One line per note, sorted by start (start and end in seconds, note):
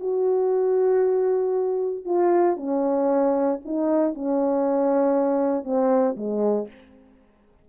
0.00 2.05 F#4
2.05 2.57 F4
2.57 3.59 C#4
3.65 4.14 D#4
4.14 5.64 C#4
5.64 6.15 C4
6.17 6.68 G#3